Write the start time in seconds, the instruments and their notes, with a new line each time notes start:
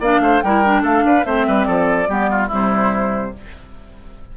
0.00 bassoon A#3, clarinet D4, oboe D5, flute F5
0.20 bassoon A3, oboe C5
0.41 bassoon G3, clarinet E4, oboe A#4, flute G5
0.64 clarinet D4
0.82 bassoon A3, oboe A4, flute F5
1.04 bassoon D4, oboe B4
1.24 bassoon A3, clarinet C4, oboe C5, flute E5
1.47 bassoon G3, oboe B4
1.64 bassoon F3, oboe A4, flute D5
2.08 bassoon G3, clarinet B3, oboe G4
2.30 oboe F4
2.47 bassoon C3, clarinet G3, oboe E4, flute C5